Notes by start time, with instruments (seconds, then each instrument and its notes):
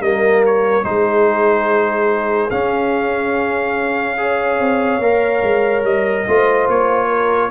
0.00 tuba G3, trombone A#3, horn A#4, trumpet D#5
0.45 trumpet C#5
0.83 tuba G#3, trombone D#4, horn G#4, trumpet C5
2.50 tuba C#4, trombone C#4, trumpet F5
4.17 trombone G#4, horn C#5
4.59 tuba C4
4.99 tuba A#3, trombone A#4
5.42 tuba G#3
5.83 tuba G3, trumpet D#5
6.27 tuba A3, trombone F4, horn C5
6.67 tuba A#3, trumpet C#5
7.08 horn A#4